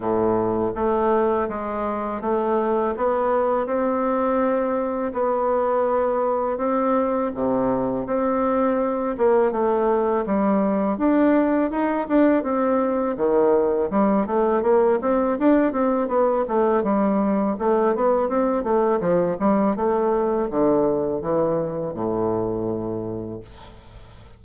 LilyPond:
\new Staff \with { instrumentName = "bassoon" } { \time 4/4 \tempo 4 = 82 a,4 a4 gis4 a4 | b4 c'2 b4~ | b4 c'4 c4 c'4~ | c'8 ais8 a4 g4 d'4 |
dis'8 d'8 c'4 dis4 g8 a8 | ais8 c'8 d'8 c'8 b8 a8 g4 | a8 b8 c'8 a8 f8 g8 a4 | d4 e4 a,2 | }